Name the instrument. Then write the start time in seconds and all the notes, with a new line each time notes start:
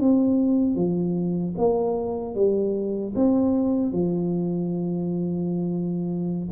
tuba
0.00 C4
0.76 F3
1.58 A#3
2.35 G3
3.16 C4
3.93 F3